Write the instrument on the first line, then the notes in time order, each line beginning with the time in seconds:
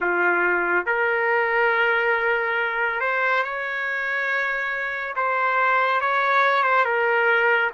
trumpet
0.00 F4
0.86 A#4
3.00 C5
3.43 C#5
5.15 C5
6.00 C#5
6.63 C5
6.84 A#4